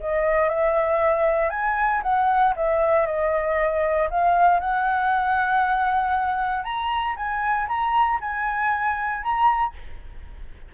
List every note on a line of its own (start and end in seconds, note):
0.00 0.49 D#5
0.49 1.50 E5
1.50 2.01 G#5
2.03 2.54 F#5
2.56 3.06 E5
3.06 4.09 D#5
4.10 4.59 F5
4.59 6.64 F#5
6.64 7.15 A#5
7.16 7.67 G#5
7.68 8.19 A#5
8.20 9.23 G#5
9.23 9.74 A#5